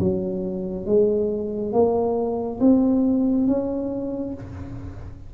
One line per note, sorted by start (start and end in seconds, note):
0.00 0.87 F#3
0.87 1.73 G#3
1.73 2.60 A#3
2.60 3.47 C4
3.47 4.34 C#4